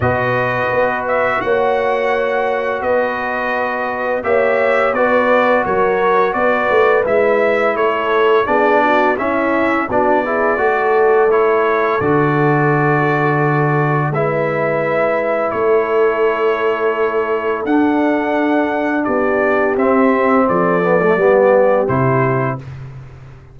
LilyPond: <<
  \new Staff \with { instrumentName = "trumpet" } { \time 4/4 \tempo 4 = 85 dis''4. e''8 fis''2 | dis''2 e''4 d''4 | cis''4 d''4 e''4 cis''4 | d''4 e''4 d''2 |
cis''4 d''2. | e''2 cis''2~ | cis''4 fis''2 d''4 | e''4 d''2 c''4 | }
  \new Staff \with { instrumentName = "horn" } { \time 4/4 b'2 cis''2 | b'2 cis''4 b'4 | ais'4 b'2 a'4 | gis'8 fis'8 e'4 fis'8 gis'8 a'4~ |
a'1 | b'2 a'2~ | a'2. g'4~ | g'4 a'4 g'2 | }
  \new Staff \with { instrumentName = "trombone" } { \time 4/4 fis'1~ | fis'2 g'4 fis'4~ | fis'2 e'2 | d'4 cis'4 d'8 e'8 fis'4 |
e'4 fis'2. | e'1~ | e'4 d'2. | c'4. b16 a16 b4 e'4 | }
  \new Staff \with { instrumentName = "tuba" } { \time 4/4 b,4 b4 ais2 | b2 ais4 b4 | fis4 b8 a8 gis4 a4 | b4 cis'4 b4 a4~ |
a4 d2. | gis2 a2~ | a4 d'2 b4 | c'4 f4 g4 c4 | }
>>